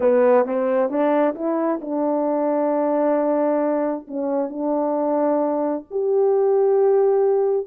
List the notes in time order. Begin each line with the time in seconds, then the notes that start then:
0.00 B3
0.45 C4
0.89 D4
1.35 E4
1.81 D4
4.07 C#4
4.49 D4
5.90 G4